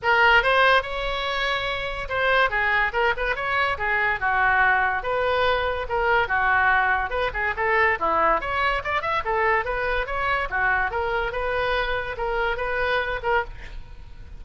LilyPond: \new Staff \with { instrumentName = "oboe" } { \time 4/4 \tempo 4 = 143 ais'4 c''4 cis''2~ | cis''4 c''4 gis'4 ais'8 b'8 | cis''4 gis'4 fis'2 | b'2 ais'4 fis'4~ |
fis'4 b'8 gis'8 a'4 e'4 | cis''4 d''8 e''8 a'4 b'4 | cis''4 fis'4 ais'4 b'4~ | b'4 ais'4 b'4. ais'8 | }